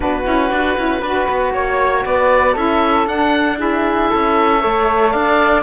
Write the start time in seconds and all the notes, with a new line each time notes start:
0.00 B3 D4 F#4 B4
0.24 C#4 E4
0.51 D4 F#4
0.76 C#4 E4
1.00 D4 F#4 B4
1.29 B3
1.52 A#3 C#5
2.05 B3 B4 D5
2.52 C#4 E4 A4 E5
3.07 D4 F#5
3.57 E4 G#4 E5
4.10 C#4 A4
4.60 A3 A4 C#5
5.11 D4 D5 F5